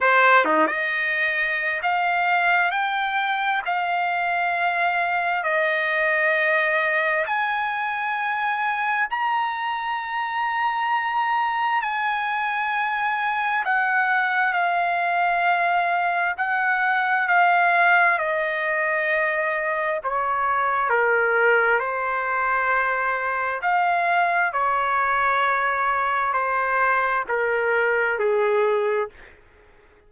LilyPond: \new Staff \with { instrumentName = "trumpet" } { \time 4/4 \tempo 4 = 66 c''8 dis'16 dis''4~ dis''16 f''4 g''4 | f''2 dis''2 | gis''2 ais''2~ | ais''4 gis''2 fis''4 |
f''2 fis''4 f''4 | dis''2 cis''4 ais'4 | c''2 f''4 cis''4~ | cis''4 c''4 ais'4 gis'4 | }